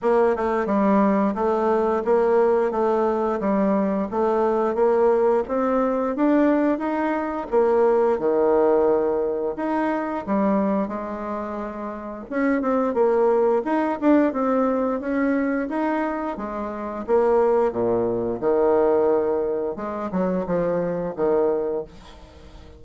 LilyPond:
\new Staff \with { instrumentName = "bassoon" } { \time 4/4 \tempo 4 = 88 ais8 a8 g4 a4 ais4 | a4 g4 a4 ais4 | c'4 d'4 dis'4 ais4 | dis2 dis'4 g4 |
gis2 cis'8 c'8 ais4 | dis'8 d'8 c'4 cis'4 dis'4 | gis4 ais4 ais,4 dis4~ | dis4 gis8 fis8 f4 dis4 | }